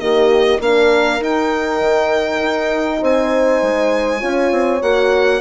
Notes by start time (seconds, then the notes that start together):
0.00 D#3 A#3 G4 D#5
0.60 A#3 D4 A#4 F5
1.20 D#4 G5
1.80 D#3
2.42 D#4
3.01 C4 C5 G#5
3.62 G#3
4.20 C#4 F4 C#5
4.52 C4
4.82 A#3 F#4 F#5